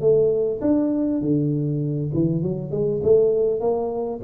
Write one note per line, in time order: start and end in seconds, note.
0.00 0.60 A3
0.61 1.21 D4
1.21 2.11 D3
2.13 2.42 E3
2.42 2.71 F#3
2.71 3.01 G#3
3.03 3.60 A3
3.60 4.20 A#3